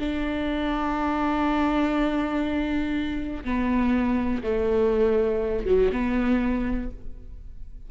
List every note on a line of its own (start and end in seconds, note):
0.00 3.44 D4
3.45 4.43 B3
4.43 5.66 A3
5.66 5.91 F#3
5.93 6.91 B3